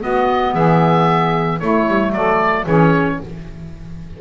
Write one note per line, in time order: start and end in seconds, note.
0.00 1.59 B3
0.00 0.54 B3
0.00 0.53 F#4
0.00 0.54 D#5
0.53 1.60 E3
0.53 1.59 G#4
0.53 1.59 E5
1.59 1.87 A3
1.59 2.68 A3
1.59 2.13 E4
1.59 2.12 C#5
1.87 2.12 G3
2.12 2.65 F#3
2.12 2.64 A4
2.12 2.66 D5
2.64 3.19 E3
2.64 3.21 C#4
2.64 3.17 G#4
2.64 3.20 C#5